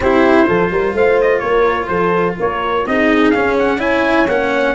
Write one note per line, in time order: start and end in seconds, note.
0.00 0.46 C4
0.00 0.47 E4
0.00 0.47 G4
0.00 0.96 C5
0.47 0.70 F3
0.47 2.85 F4
0.47 0.71 A4
0.70 0.93 G3
0.70 0.95 A#4
0.93 1.41 A3
0.93 1.42 C5
0.93 1.20 F5
1.21 1.39 D#5
1.39 1.88 A#3
1.39 1.88 A#4
1.39 1.87 C#5
1.87 2.36 F3
1.87 2.35 A4
1.87 2.34 C5
2.39 2.86 A#3
2.39 2.87 A#4
2.39 2.86 C#5
2.86 3.33 C4
2.86 3.34 D#4
2.86 3.80 G#4
2.86 3.31 D#5
3.31 3.78 C#4
3.31 4.28 C#4
3.31 3.54 F5
3.59 3.80 F#5
3.78 4.26 E4
3.78 4.75 C#5
3.78 4.27 G#5
4.28 4.75 A#3
4.28 4.75 C#4
4.28 4.75 F#5